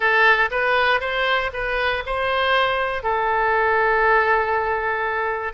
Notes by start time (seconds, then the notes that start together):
0.00 A4
0.50 B4
1.00 C5
1.53 B4
2.06 C5
3.03 A4